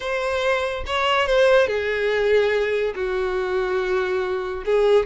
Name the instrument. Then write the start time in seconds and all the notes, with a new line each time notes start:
violin
0.00 C5
0.86 C#5
1.26 C5
1.67 G#4
2.95 F#4
4.65 G#4